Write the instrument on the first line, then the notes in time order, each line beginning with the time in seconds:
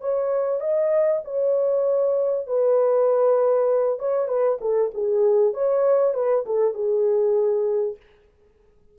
horn
0.00 C#5
0.60 D#5
1.24 C#5
2.46 B4
3.99 C#5
4.28 B4
4.61 A4
4.94 G#4
5.54 C#5
6.14 B4
6.46 A4
6.74 G#4